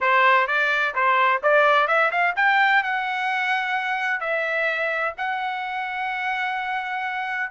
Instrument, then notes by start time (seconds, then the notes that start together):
trumpet
0.01 C5
0.47 D5
0.94 C5
1.43 D5
1.87 E5
2.11 F5
2.36 G5
2.83 F#5
4.20 E5
5.17 F#5